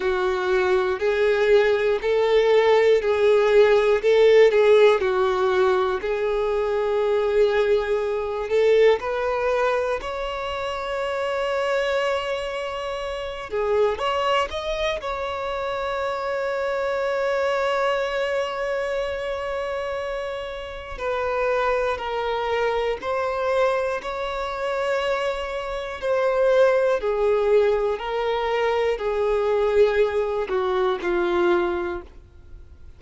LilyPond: \new Staff \with { instrumentName = "violin" } { \time 4/4 \tempo 4 = 60 fis'4 gis'4 a'4 gis'4 | a'8 gis'8 fis'4 gis'2~ | gis'8 a'8 b'4 cis''2~ | cis''4. gis'8 cis''8 dis''8 cis''4~ |
cis''1~ | cis''4 b'4 ais'4 c''4 | cis''2 c''4 gis'4 | ais'4 gis'4. fis'8 f'4 | }